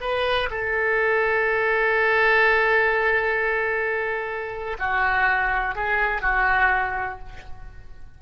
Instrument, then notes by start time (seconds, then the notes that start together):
oboe
0.00 B4
0.50 A4
4.78 F#4
5.75 G#4
6.21 F#4